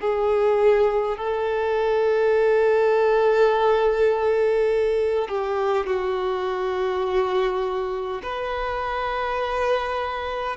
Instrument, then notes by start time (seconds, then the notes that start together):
violin
0.00 G#4
1.17 A4
5.28 G4
5.86 F#4
8.22 B4